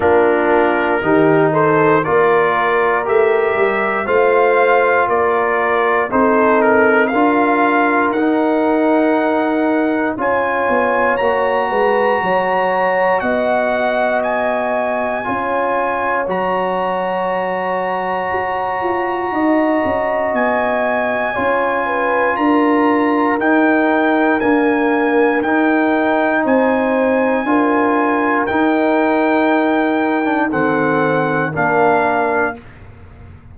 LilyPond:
<<
  \new Staff \with { instrumentName = "trumpet" } { \time 4/4 \tempo 4 = 59 ais'4. c''8 d''4 e''4 | f''4 d''4 c''8 ais'8 f''4 | fis''2 gis''4 ais''4~ | ais''4 fis''4 gis''2 |
ais''1 | gis''2 ais''4 g''4 | gis''4 g''4 gis''2 | g''2 fis''4 f''4 | }
  \new Staff \with { instrumentName = "horn" } { \time 4/4 f'4 g'8 a'8 ais'2 | c''4 ais'4 a'4 ais'4~ | ais'2 cis''4. b'8 | cis''4 dis''2 cis''4~ |
cis''2. dis''4~ | dis''4 cis''8 b'8 ais'2~ | ais'2 c''4 ais'4~ | ais'2 a'4 ais'4 | }
  \new Staff \with { instrumentName = "trombone" } { \time 4/4 d'4 dis'4 f'4 g'4 | f'2 dis'4 f'4 | dis'2 f'4 fis'4~ | fis'2. f'4 |
fis'1~ | fis'4 f'2 dis'4 | ais4 dis'2 f'4 | dis'4.~ dis'16 d'16 c'4 d'4 | }
  \new Staff \with { instrumentName = "tuba" } { \time 4/4 ais4 dis4 ais4 a8 g8 | a4 ais4 c'4 d'4 | dis'2 cis'8 b8 ais8 gis8 | fis4 b2 cis'4 |
fis2 fis'8 f'8 dis'8 cis'8 | b4 cis'4 d'4 dis'4 | d'4 dis'4 c'4 d'4 | dis'2 dis4 ais4 | }
>>